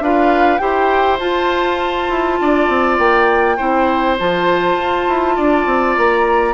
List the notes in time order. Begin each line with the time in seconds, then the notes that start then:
0.00 D4 F4 B4 F5
0.58 E4 G4 C5 G5
1.19 F4 A5
2.09 E4
2.41 D4 D5
2.69 C4
2.98 A#3 G5
3.57 C4 E4 C5
4.19 F3 F4 A5
4.75 F4
5.08 E4
5.36 D4 D5
5.66 C4
5.96 A#3 A#5